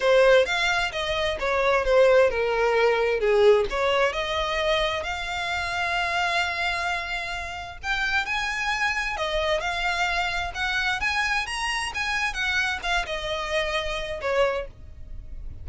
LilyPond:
\new Staff \with { instrumentName = "violin" } { \time 4/4 \tempo 4 = 131 c''4 f''4 dis''4 cis''4 | c''4 ais'2 gis'4 | cis''4 dis''2 f''4~ | f''1~ |
f''4 g''4 gis''2 | dis''4 f''2 fis''4 | gis''4 ais''4 gis''4 fis''4 | f''8 dis''2~ dis''8 cis''4 | }